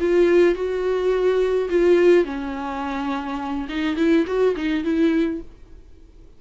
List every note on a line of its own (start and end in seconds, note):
0.00 0.55 F4
0.55 1.69 F#4
1.70 2.25 F4
2.25 3.68 C#4
3.69 3.96 D#4
3.96 4.25 E4
4.26 4.55 F#4
4.56 4.84 D#4
4.84 5.41 E4